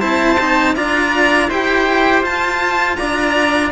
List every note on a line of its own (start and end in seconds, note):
0.00 0.76 C4
0.00 0.37 E4
0.00 0.74 C5
0.00 0.75 A5
0.40 0.76 D#4
0.75 1.49 D4
0.75 1.50 F4
0.75 1.49 D5
0.75 1.50 A#5
1.49 2.22 E4
1.49 2.24 G4
1.49 2.97 C5
1.49 2.24 G5
2.22 2.96 F4
2.22 3.71 F4
2.22 2.96 A5
2.96 3.71 D4
2.96 3.71 D5
2.96 3.70 A#5